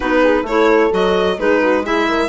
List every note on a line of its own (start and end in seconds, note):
0.00 0.42 B3
0.00 0.45 D#4
0.00 0.22 F#4
0.00 0.46 B4
0.22 0.45 G#4
0.42 0.88 A3
0.42 0.91 E4
0.42 1.39 A4
0.42 0.92 C#5
0.91 1.38 F#3
0.91 1.37 F#4
0.91 1.39 D#5
1.38 2.29 G#3
1.38 1.84 D#4
1.38 1.62 G#4
1.38 1.85 B4
1.63 1.84 F#4
1.84 2.29 E4
1.84 2.07 G#4
1.84 2.29 E5
2.08 2.29 A#4